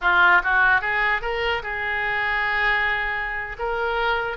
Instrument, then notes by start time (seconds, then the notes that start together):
oboe
0.01 F4
0.43 F#4
0.81 G#4
1.21 A#4
1.62 G#4
3.58 A#4